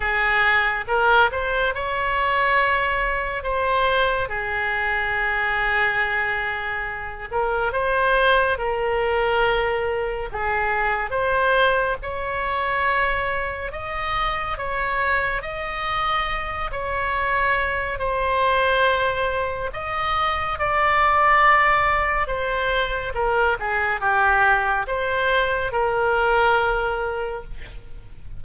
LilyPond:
\new Staff \with { instrumentName = "oboe" } { \time 4/4 \tempo 4 = 70 gis'4 ais'8 c''8 cis''2 | c''4 gis'2.~ | gis'8 ais'8 c''4 ais'2 | gis'4 c''4 cis''2 |
dis''4 cis''4 dis''4. cis''8~ | cis''4 c''2 dis''4 | d''2 c''4 ais'8 gis'8 | g'4 c''4 ais'2 | }